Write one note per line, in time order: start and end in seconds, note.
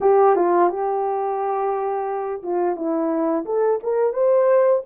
0.01 0.35 G4
0.35 0.69 F4
0.69 2.42 G4
2.42 2.76 F4
2.76 3.45 E4
3.45 3.79 A4
3.83 4.13 A#4
4.13 4.82 C5